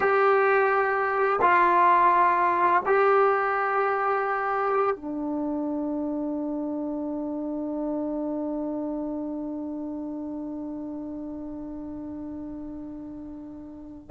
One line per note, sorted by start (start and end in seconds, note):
0.00 1.39 G4
1.41 2.82 F4
2.86 4.96 G4
4.96 14.10 D4